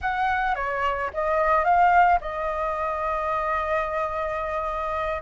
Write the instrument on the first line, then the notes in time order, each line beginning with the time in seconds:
flute
0.01 F#5
0.55 C#5
1.13 D#5
1.64 F5
2.20 D#5